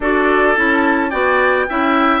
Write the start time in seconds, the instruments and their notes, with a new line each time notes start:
0.00 bassoon D4, clarinet F#4, oboe A4, flute D5
0.55 bassoon C#4, clarinet E4, flute A5
1.09 bassoon B3, clarinet F#4, oboe D5, flute G5
1.69 bassoon C#4, clarinet E4, oboe E5